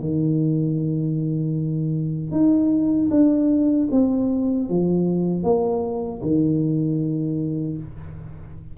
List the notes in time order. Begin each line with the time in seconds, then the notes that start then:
0.00 D#3
2.31 D#4
3.10 D4
3.91 C4
4.69 F3
5.43 A#3
6.22 D#3